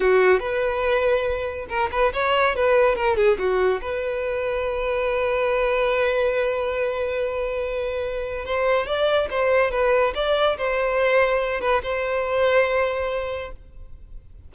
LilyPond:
\new Staff \with { instrumentName = "violin" } { \time 4/4 \tempo 4 = 142 fis'4 b'2. | ais'8 b'8 cis''4 b'4 ais'8 gis'8 | fis'4 b'2.~ | b'1~ |
b'1 | c''4 d''4 c''4 b'4 | d''4 c''2~ c''8 b'8 | c''1 | }